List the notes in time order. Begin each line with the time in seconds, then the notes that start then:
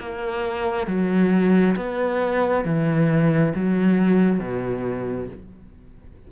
0.00 A#3
0.88 F#3
1.76 B3
2.65 E3
3.55 F#3
4.40 B2